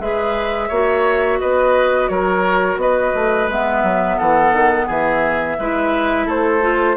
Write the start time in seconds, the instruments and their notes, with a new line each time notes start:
0.00 bassoon G#3, clarinet G#4, oboe B4, flute E5
0.69 bassoon A#3, clarinet F#4, oboe C#5
1.40 bassoon B3, oboe B4, flute D#5
2.09 bassoon F#3, oboe A#4, flute C#5
2.77 bassoon B3, oboe B4, flute D#5
3.15 bassoon A3
3.48 bassoon G#3, clarinet B3, flute E5
3.83 bassoon F#3
4.18 bassoon E3, oboe A4, flute F#5
4.53 bassoon D#3
4.87 bassoon E3, oboe G#4, flute E5
5.59 bassoon G#3, clarinet E4, oboe B4
6.26 bassoon A3, oboe A4, flute C5
6.61 clarinet F4